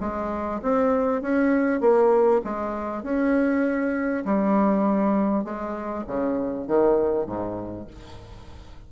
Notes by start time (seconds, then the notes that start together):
0.00 G#3
0.62 C4
1.21 C#4
1.80 A#3
2.44 G#3
3.03 C#4
4.25 G3
5.44 G#3
6.07 C#3
6.67 D#3
7.26 G#2